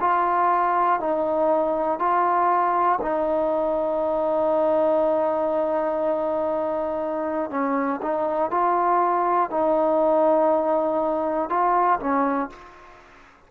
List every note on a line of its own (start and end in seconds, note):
0.00 1.00 F4
1.00 1.99 D#4
1.99 2.99 F4
3.01 7.50 D#4
7.50 8.00 C#4
8.02 8.50 D#4
8.50 9.50 F4
9.50 11.50 D#4
11.50 12.00 F4
12.00 12.50 C#4